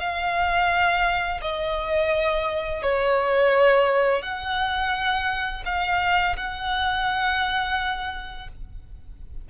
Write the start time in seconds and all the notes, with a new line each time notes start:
0.00 F5
1.42 D#5
2.83 C#5
4.23 F#5
5.66 F5
6.37 F#5